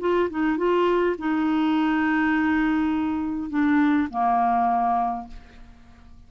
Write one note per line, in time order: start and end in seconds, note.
0.00 0.29 F4
0.30 0.57 D#4
0.57 1.16 F4
1.19 3.50 D#4
3.50 4.09 D4
4.10 5.28 A#3